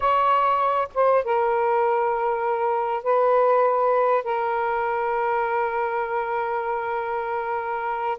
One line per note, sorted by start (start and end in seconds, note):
0.00 0.88 C#5
0.94 1.24 C5
1.24 3.03 A#4
3.03 4.24 B4
4.24 8.18 A#4